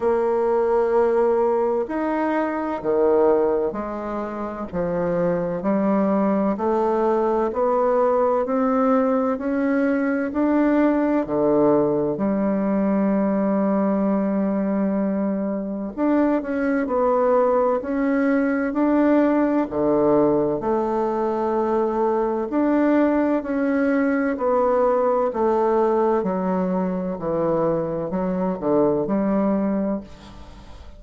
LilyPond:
\new Staff \with { instrumentName = "bassoon" } { \time 4/4 \tempo 4 = 64 ais2 dis'4 dis4 | gis4 f4 g4 a4 | b4 c'4 cis'4 d'4 | d4 g2.~ |
g4 d'8 cis'8 b4 cis'4 | d'4 d4 a2 | d'4 cis'4 b4 a4 | fis4 e4 fis8 d8 g4 | }